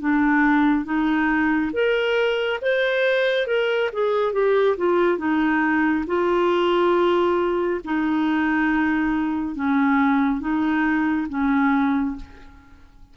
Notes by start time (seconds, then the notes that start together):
0.00 D4
0.85 D#4
1.73 A#4
2.62 C5
3.47 A#4
3.93 G#4
4.33 G4
4.77 F4
5.18 D#4
6.07 F4
7.85 D#4
9.55 C#4
10.40 D#4
11.29 C#4